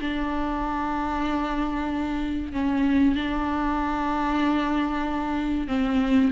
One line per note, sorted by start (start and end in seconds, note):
0.00 2.52 D4
2.52 3.15 C#4
3.15 5.67 D4
5.67 6.30 C4